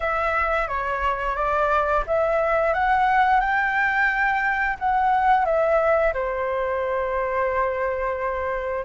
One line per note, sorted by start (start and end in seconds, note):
0.00 0.68 E5
0.68 1.35 C#5
1.35 2.04 D5
2.06 2.73 E5
2.73 3.40 F#5
3.40 4.77 G5
4.79 5.45 F#5
5.45 6.13 E5
6.13 8.85 C5